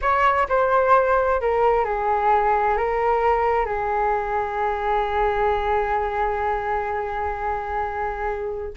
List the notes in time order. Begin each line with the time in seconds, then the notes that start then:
0.01 C#5
0.48 C5
1.41 A#4
1.85 G#4
2.77 A#4
3.65 G#4